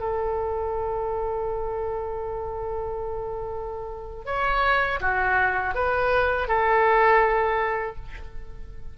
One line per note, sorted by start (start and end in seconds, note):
0.00 4.26 A4
4.26 5.00 C#5
5.01 5.75 F#4
5.75 6.48 B4
6.48 7.96 A4